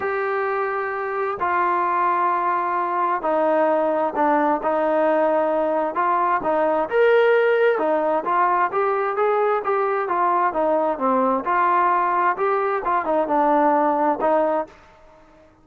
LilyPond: \new Staff \with { instrumentName = "trombone" } { \time 4/4 \tempo 4 = 131 g'2. f'4~ | f'2. dis'4~ | dis'4 d'4 dis'2~ | dis'4 f'4 dis'4 ais'4~ |
ais'4 dis'4 f'4 g'4 | gis'4 g'4 f'4 dis'4 | c'4 f'2 g'4 | f'8 dis'8 d'2 dis'4 | }